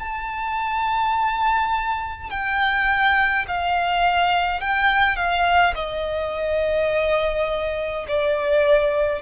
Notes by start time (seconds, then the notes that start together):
0.00 A5
2.31 G5
3.48 F5
4.61 G5
5.17 F5
5.76 D#5
8.08 D5